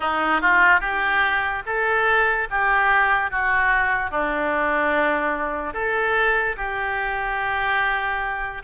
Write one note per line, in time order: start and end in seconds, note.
0.00 0.41 D#4
0.41 0.80 F4
0.80 1.62 G4
1.66 2.48 A4
2.50 3.30 G4
3.30 4.10 F#4
4.10 5.73 D4
5.73 6.55 A4
6.56 8.62 G4